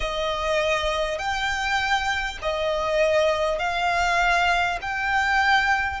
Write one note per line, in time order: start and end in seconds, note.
0.00 1.18 D#5
1.18 2.38 G5
2.42 3.58 D#5
3.58 4.78 F5
4.81 6.00 G5